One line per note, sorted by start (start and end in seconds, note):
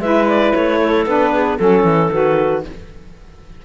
0.00 0.53 G#3
0.00 1.07 E4
0.00 0.80 B4
0.00 0.27 E5
0.28 0.53 D5
0.53 1.06 A3
0.53 1.06 C#5
0.81 1.33 A4
1.06 1.59 B3
1.06 1.58 D4
1.06 1.60 B4
1.33 1.58 G#4
1.58 1.84 F#3
1.58 2.11 C#4
1.58 2.63 A4
1.58 2.12 A4
1.84 2.10 E3
2.12 2.65 D#3
2.12 2.64 F#4
2.12 2.65 B4